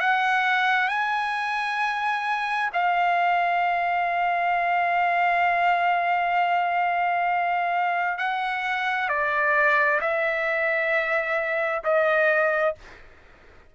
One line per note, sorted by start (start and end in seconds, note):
0.00 0.88 F#5
0.88 2.70 G#5
2.73 8.18 F5
8.18 9.09 F#5
9.09 10.00 D5
10.01 11.83 E5
11.84 12.75 D#5